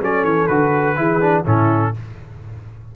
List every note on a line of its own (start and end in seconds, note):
0.00 0.23 F#3
0.00 0.49 C#4
0.00 0.97 A4
0.00 0.24 D5
0.23 0.48 E3
0.23 0.47 C#5
0.47 0.96 D3
0.47 0.96 F#4
0.47 1.44 B4
0.96 1.45 E3
0.96 1.20 E4
0.96 1.44 G#4
1.20 1.44 D4
1.44 1.94 A2
1.44 1.94 C#4
1.44 1.92 E4
1.44 1.95 A4